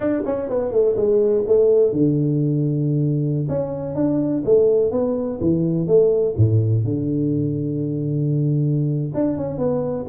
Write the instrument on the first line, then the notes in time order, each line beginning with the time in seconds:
tuba
0.00 D4
0.25 C#4
0.49 B3
0.71 A3
0.96 G#3
1.47 A3
1.92 D3
3.48 C#4
3.95 D4
4.45 A3
4.91 B3
5.40 E3
5.87 A3
6.36 A2
6.84 D3
9.14 D4
9.37 C#4
9.58 B3